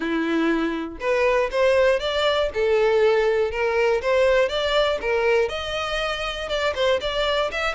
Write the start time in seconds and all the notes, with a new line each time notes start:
0.00 E4
1.00 B4
1.51 C5
1.99 D5
2.53 A4
3.51 A#4
4.01 C5
4.48 D5
5.01 A#4
5.48 D#5
6.48 D5
6.75 C5
7.00 D5
7.51 E5